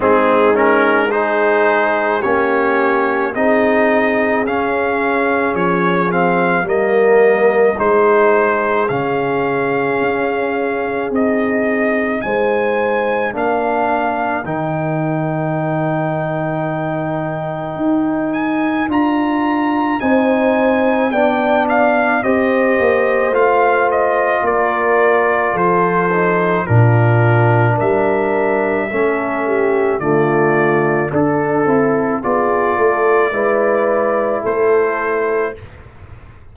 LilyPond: <<
  \new Staff \with { instrumentName = "trumpet" } { \time 4/4 \tempo 4 = 54 gis'8 ais'8 c''4 cis''4 dis''4 | f''4 cis''8 f''8 dis''4 c''4 | f''2 dis''4 gis''4 | f''4 g''2.~ |
g''8 gis''8 ais''4 gis''4 g''8 f''8 | dis''4 f''8 dis''8 d''4 c''4 | ais'4 e''2 d''4 | a'4 d''2 c''4 | }
  \new Staff \with { instrumentName = "horn" } { \time 4/4 dis'4 gis'4 g'4 gis'4~ | gis'2 ais'4 gis'4~ | gis'2. c''4 | ais'1~ |
ais'2 c''4 d''4 | c''2 ais'4 a'4 | f'4 ais'4 a'8 g'8 f'4 | a'4 gis'8 a'8 b'4 a'4 | }
  \new Staff \with { instrumentName = "trombone" } { \time 4/4 c'8 cis'8 dis'4 cis'4 dis'4 | cis'4. c'8 ais4 dis'4 | cis'2 dis'2 | d'4 dis'2.~ |
dis'4 f'4 dis'4 d'4 | g'4 f'2~ f'8 dis'8 | d'2 cis'4 a4 | d'8 e'8 f'4 e'2 | }
  \new Staff \with { instrumentName = "tuba" } { \time 4/4 gis2 ais4 c'4 | cis'4 f4 g4 gis4 | cis4 cis'4 c'4 gis4 | ais4 dis2. |
dis'4 d'4 c'4 b4 | c'8 ais8 a4 ais4 f4 | ais,4 g4 a4 d4 | d'8 c'8 b8 a8 gis4 a4 | }
>>